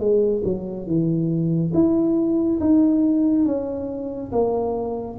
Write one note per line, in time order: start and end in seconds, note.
0.00 0.43 G#3
0.45 0.87 F#3
0.87 1.73 E3
1.74 2.60 E4
2.60 3.46 D#4
3.46 4.32 C#4
4.32 5.18 A#3